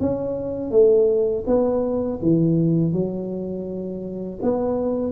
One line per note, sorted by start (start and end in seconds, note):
0.00 0.71 C#4
0.71 1.44 A3
1.46 2.19 B3
2.21 2.92 E3
2.92 4.38 F#3
4.42 5.12 B3